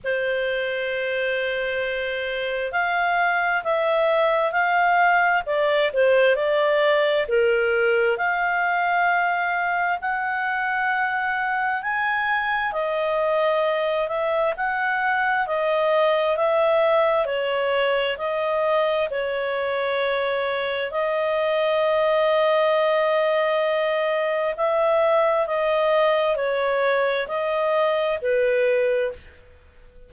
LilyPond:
\new Staff \with { instrumentName = "clarinet" } { \time 4/4 \tempo 4 = 66 c''2. f''4 | e''4 f''4 d''8 c''8 d''4 | ais'4 f''2 fis''4~ | fis''4 gis''4 dis''4. e''8 |
fis''4 dis''4 e''4 cis''4 | dis''4 cis''2 dis''4~ | dis''2. e''4 | dis''4 cis''4 dis''4 b'4 | }